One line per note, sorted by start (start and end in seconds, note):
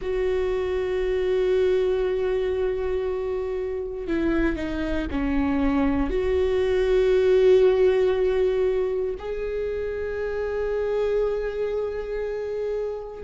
0.01 4.07 F#4
4.07 4.56 E4
4.56 5.07 D#4
5.11 6.10 C#4
6.10 9.15 F#4
9.18 13.23 G#4